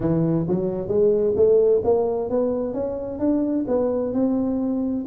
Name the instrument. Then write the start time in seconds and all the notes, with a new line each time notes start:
tuba
0.00 E3
0.48 F#3
0.88 G#3
1.36 A3
1.84 A#3
2.29 B3
2.73 C#4
3.19 D4
3.67 B3
4.13 C4